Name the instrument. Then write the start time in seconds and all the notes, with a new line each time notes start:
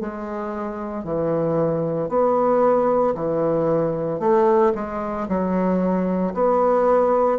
bassoon
0.00 G#3
1.04 E3
2.09 B3
3.15 E3
4.20 A3
4.75 G#3
5.28 F#3
6.34 B3